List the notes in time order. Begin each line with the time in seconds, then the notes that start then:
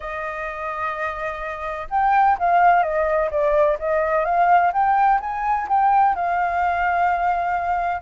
0.00 D#5
1.90 G5
2.39 F5
2.82 D#5
3.30 D5
3.79 D#5
4.24 F5
4.72 G5
5.20 G#5
5.68 G5
6.15 F5